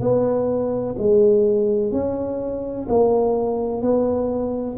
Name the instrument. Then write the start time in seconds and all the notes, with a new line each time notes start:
tuba
0.00 B3
0.98 G#3
1.91 C#4
2.88 A#3
3.81 B3